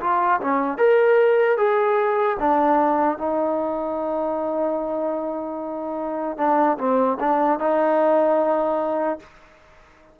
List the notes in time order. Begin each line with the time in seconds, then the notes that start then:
0.00 F4
0.40 C#4
0.77 A#4
1.57 G#4
2.39 D4
3.18 D#4
6.37 D4
6.78 C4
7.20 D4
7.59 D#4